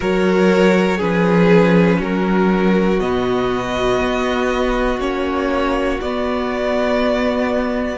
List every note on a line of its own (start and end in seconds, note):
0.00 1.01 F#3
0.00 0.99 F#4
0.00 0.97 A#4
0.00 1.01 C#5
0.97 2.00 F3
0.97 2.99 C#4
0.97 1.97 G#4
0.97 2.01 B4
1.98 3.00 F#3
1.98 7.98 F#4
1.98 3.00 A#4
3.00 4.00 B2
3.00 4.99 B3
3.00 5.00 D#5
4.00 4.99 B3
4.99 5.99 A#3
4.99 5.99 C#4
4.99 6.00 C#5
6.00 7.98 B3
6.00 7.98 D5